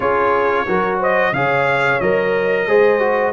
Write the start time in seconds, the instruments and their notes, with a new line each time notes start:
0.00 tuba C#4, trombone F4, horn G#4, trumpet C#5
0.67 tuba F#3, trombone F#4, horn A#4
0.99 horn C5, trumpet D#5
1.32 tuba C#3, trombone G#4, horn C#5, trumpet F5
2.00 tuba F#3, trombone A#4, trumpet D#5
2.67 tuba G#3, trombone G#4, horn C5
2.99 trombone F#4